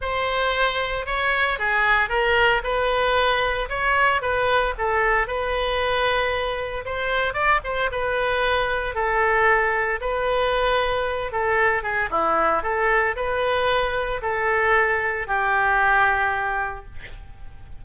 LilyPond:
\new Staff \with { instrumentName = "oboe" } { \time 4/4 \tempo 4 = 114 c''2 cis''4 gis'4 | ais'4 b'2 cis''4 | b'4 a'4 b'2~ | b'4 c''4 d''8 c''8 b'4~ |
b'4 a'2 b'4~ | b'4. a'4 gis'8 e'4 | a'4 b'2 a'4~ | a'4 g'2. | }